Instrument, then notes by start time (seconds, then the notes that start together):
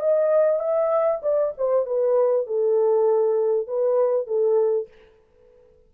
horn
0.00 D#5
0.60 E5
1.23 D5
1.58 C5
1.86 B4
2.47 A4
3.68 B4
4.27 A4